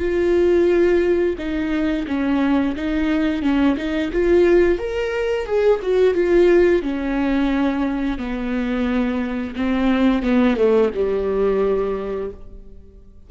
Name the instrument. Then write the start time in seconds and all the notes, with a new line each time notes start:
viola
0.00 F4
1.39 D#4
2.08 C#4
2.76 D#4
3.43 C#4
3.77 D#4
4.13 F4
4.79 A#4
5.46 G#4
5.83 F#4
6.15 F4
6.83 C#4
8.19 B3
9.56 C4
10.23 B3
10.57 A3
10.95 G3